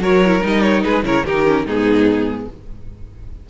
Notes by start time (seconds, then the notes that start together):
0.00 F#3 F#4 A#4 C#5
0.26 E4
0.42 G3 D#4 D#5
0.63 C#5
0.84 G#3 G#4 B4
1.04 C#3 E4 A#4 C#5
1.26 D#3 D#4 G4 A#4
1.46 C#4
1.66 G#2 B3 D#4 G#4